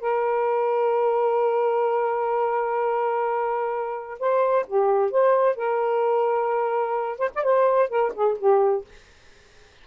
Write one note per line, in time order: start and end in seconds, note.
0.00 4.19 A#4
4.19 4.66 C5
4.67 5.11 G4
5.11 5.56 C5
5.56 7.18 A#4
7.18 7.30 C5
7.35 7.44 D5
7.44 7.89 C5
7.89 8.12 A#4
8.14 8.38 G#4
8.38 8.85 G4